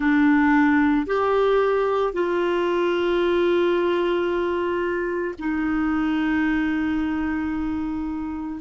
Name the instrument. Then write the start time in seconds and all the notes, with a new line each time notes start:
clarinet
0.00 D4
1.06 G4
2.13 F4
5.39 D#4